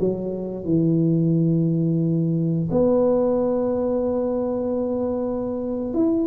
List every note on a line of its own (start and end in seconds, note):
0.00 0.65 F#3
0.65 2.69 E3
2.71 5.94 B3
5.94 6.27 E4